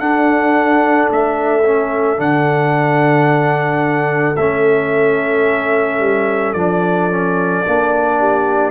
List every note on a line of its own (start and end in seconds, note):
0.00 1.09 D4
0.00 1.64 D4
0.00 8.20 A4
0.00 1.10 F#5
1.12 2.19 A3
1.12 2.21 E5
1.65 2.17 C#4
2.17 4.37 D3
2.17 4.35 D4
2.17 4.37 F#5
4.37 6.00 A3
4.37 6.57 C#4
4.37 6.54 E5
6.00 6.54 G3
6.54 7.64 F3
6.54 7.11 D4
6.54 8.72 D5
7.11 7.66 C#4
7.66 8.72 A#3
7.66 8.72 D4
8.20 8.72 G4